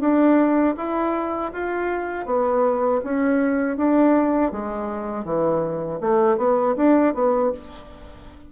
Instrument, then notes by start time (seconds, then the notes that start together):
bassoon
0.00 D4
0.77 E4
1.53 F4
2.26 B3
3.04 C#4
3.77 D4
4.52 G#3
5.25 E3
6.00 A3
6.38 B3
6.76 D4
7.14 B3